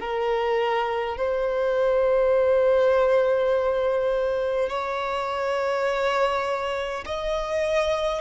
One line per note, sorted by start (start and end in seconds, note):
0.00 1.17 A#4
1.17 4.69 C5
4.69 7.04 C#5
7.05 8.21 D#5